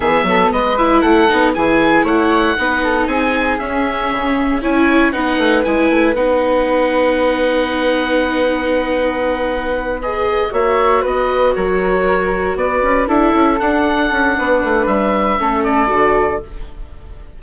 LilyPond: <<
  \new Staff \with { instrumentName = "oboe" } { \time 4/4 \tempo 4 = 117 e''4 dis''8 e''8 fis''4 gis''4 | fis''2 gis''4 e''4~ | e''4 gis''4 fis''4 gis''4 | fis''1~ |
fis''2.~ fis''8 dis''8~ | dis''8 e''4 dis''4 cis''4.~ | cis''8 d''4 e''4 fis''4.~ | fis''4 e''4. d''4. | }
  \new Staff \with { instrumentName = "flute" } { \time 4/4 gis'8 a'8 b'4 a'4 gis'4 | cis''4 b'8 a'8 gis'2~ | gis'4 cis''4 b'2~ | b'1~ |
b'1~ | b'8 cis''4 b'4 ais'4.~ | ais'8 b'4 a'2~ a'8 | b'2 a'2 | }
  \new Staff \with { instrumentName = "viola" } { \time 4/4 b4. e'4 dis'8 e'4~ | e'4 dis'2 cis'4~ | cis'4 e'4 dis'4 e'4 | dis'1~ |
dis'2.~ dis'8 gis'8~ | gis'8 fis'2.~ fis'8~ | fis'4. e'4 d'4.~ | d'2 cis'4 fis'4 | }
  \new Staff \with { instrumentName = "bassoon" } { \time 4/4 e8 fis8 gis4 a8 b8 e4 | a4 b4 c'4 cis'4 | cis4 cis'4 b8 a8 gis8 a8 | b1~ |
b1~ | b8 ais4 b4 fis4.~ | fis8 b8 cis'8 d'8 cis'8 d'4 cis'8 | b8 a8 g4 a4 d4 | }
>>